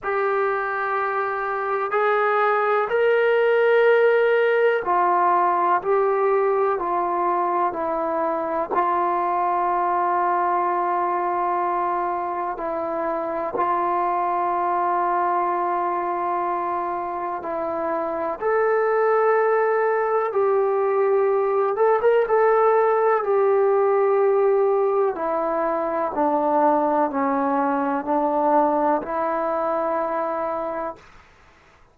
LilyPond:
\new Staff \with { instrumentName = "trombone" } { \time 4/4 \tempo 4 = 62 g'2 gis'4 ais'4~ | ais'4 f'4 g'4 f'4 | e'4 f'2.~ | f'4 e'4 f'2~ |
f'2 e'4 a'4~ | a'4 g'4. a'16 ais'16 a'4 | g'2 e'4 d'4 | cis'4 d'4 e'2 | }